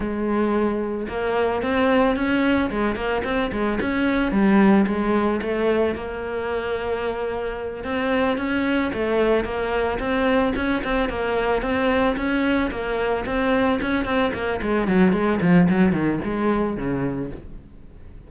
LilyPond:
\new Staff \with { instrumentName = "cello" } { \time 4/4 \tempo 4 = 111 gis2 ais4 c'4 | cis'4 gis8 ais8 c'8 gis8 cis'4 | g4 gis4 a4 ais4~ | ais2~ ais8 c'4 cis'8~ |
cis'8 a4 ais4 c'4 cis'8 | c'8 ais4 c'4 cis'4 ais8~ | ais8 c'4 cis'8 c'8 ais8 gis8 fis8 | gis8 f8 fis8 dis8 gis4 cis4 | }